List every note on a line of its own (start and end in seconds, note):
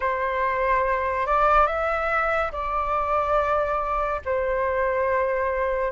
0.00 1.26 C5
1.26 1.67 D5
1.67 2.51 E5
2.52 4.21 D5
4.25 5.92 C5